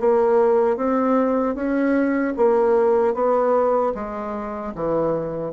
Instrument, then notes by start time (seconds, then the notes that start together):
bassoon
0.00 A#3
0.77 C4
1.55 C#4
2.37 A#3
3.14 B3
3.95 G#3
4.75 E3